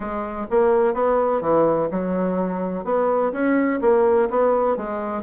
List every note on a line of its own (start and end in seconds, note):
0.00 0.46 G#3
0.50 0.94 A#3
0.94 1.41 B3
1.41 1.88 E3
1.91 2.84 F#3
2.84 3.31 B3
3.32 3.80 C#4
3.81 4.28 A#3
4.30 4.76 B3
4.76 5.23 G#3